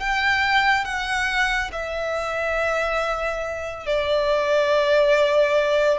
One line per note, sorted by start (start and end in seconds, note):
0.00 0.85 G5
0.85 1.71 F#5
1.72 3.86 E5
3.86 5.99 D5